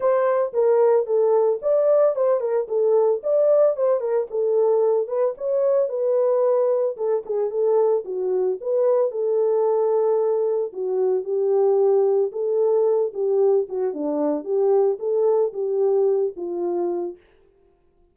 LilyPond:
\new Staff \with { instrumentName = "horn" } { \time 4/4 \tempo 4 = 112 c''4 ais'4 a'4 d''4 | c''8 ais'8 a'4 d''4 c''8 ais'8 | a'4. b'8 cis''4 b'4~ | b'4 a'8 gis'8 a'4 fis'4 |
b'4 a'2. | fis'4 g'2 a'4~ | a'8 g'4 fis'8 d'4 g'4 | a'4 g'4. f'4. | }